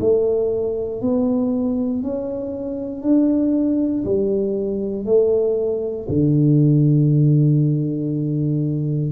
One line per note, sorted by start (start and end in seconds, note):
0.00 1.02 A3
1.02 2.03 B3
2.03 3.02 C#4
3.02 4.04 D4
4.04 5.06 G3
5.06 6.07 A3
6.08 9.12 D3